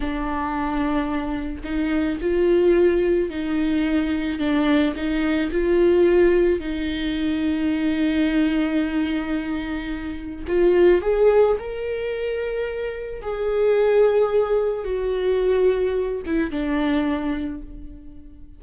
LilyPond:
\new Staff \with { instrumentName = "viola" } { \time 4/4 \tempo 4 = 109 d'2. dis'4 | f'2 dis'2 | d'4 dis'4 f'2 | dis'1~ |
dis'2. f'4 | gis'4 ais'2. | gis'2. fis'4~ | fis'4. e'8 d'2 | }